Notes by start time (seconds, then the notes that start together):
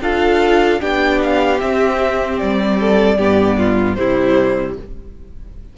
0.00 D4 F4 A4 F5
0.80 B3 D4 G4 G5
1.23 F5
1.60 C4 E5
2.38 G3 D5
2.79 A4
3.17 G2 B3 G4
3.57 F4
3.94 C3 G3 E4 C5